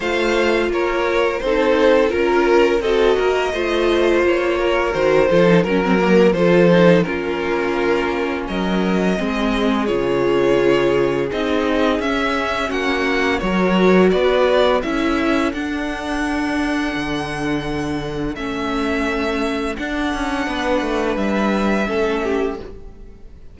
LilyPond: <<
  \new Staff \with { instrumentName = "violin" } { \time 4/4 \tempo 4 = 85 f''4 cis''4 c''4 ais'4 | dis''2 cis''4 c''4 | ais'4 c''4 ais'2 | dis''2 cis''2 |
dis''4 e''4 fis''4 cis''4 | d''4 e''4 fis''2~ | fis''2 e''2 | fis''2 e''2 | }
  \new Staff \with { instrumentName = "violin" } { \time 4/4 c''4 ais'4 a'4 ais'4 | a'8 ais'8 c''4. ais'4 a'8 | ais'4 a'4 f'2 | ais'4 gis'2.~ |
gis'2 fis'4 ais'4 | b'4 a'2.~ | a'1~ | a'4 b'2 a'8 g'8 | }
  \new Staff \with { instrumentName = "viola" } { \time 4/4 f'2 dis'4 f'4 | fis'4 f'2 fis'8 f'16 dis'16 | cis'16 c'16 ais8 f'8 dis'8 cis'2~ | cis'4 c'4 f'2 |
dis'4 cis'2 fis'4~ | fis'4 e'4 d'2~ | d'2 cis'2 | d'2. cis'4 | }
  \new Staff \with { instrumentName = "cello" } { \time 4/4 a4 ais4 c'4 cis'4 | c'8 ais8 a4 ais4 dis8 f8 | fis4 f4 ais2 | fis4 gis4 cis2 |
c'4 cis'4 ais4 fis4 | b4 cis'4 d'2 | d2 a2 | d'8 cis'8 b8 a8 g4 a4 | }
>>